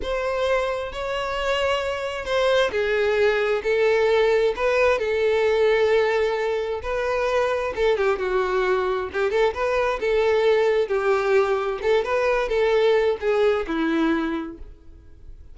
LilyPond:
\new Staff \with { instrumentName = "violin" } { \time 4/4 \tempo 4 = 132 c''2 cis''2~ | cis''4 c''4 gis'2 | a'2 b'4 a'4~ | a'2. b'4~ |
b'4 a'8 g'8 fis'2 | g'8 a'8 b'4 a'2 | g'2 a'8 b'4 a'8~ | a'4 gis'4 e'2 | }